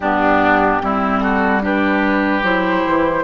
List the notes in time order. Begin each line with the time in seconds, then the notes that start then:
0.00 G2 B3 D4 G4
0.82 G3 C4 E4
1.20 F#4 A4
1.61 D4 G4 B4
2.43 F#3 E4 C5
2.85 E3